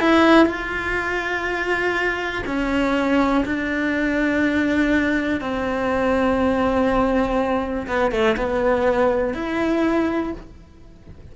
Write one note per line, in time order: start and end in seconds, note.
0.00 0.46 E4
0.46 2.42 F4
2.46 3.44 C#4
3.45 5.41 D4
5.41 7.86 C4
7.87 8.11 B3
8.11 8.36 A3
8.37 9.34 B3
9.34 10.32 E4